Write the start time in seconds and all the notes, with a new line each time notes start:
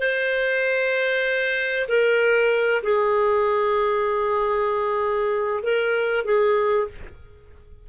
0.00 C5
1.89 A#4
2.83 G#4
5.64 A#4
6.25 G#4